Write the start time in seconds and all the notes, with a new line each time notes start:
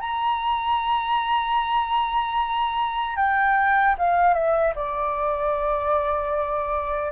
0.00 A#5
3.16 G5
3.98 F5
4.33 E5
4.75 D5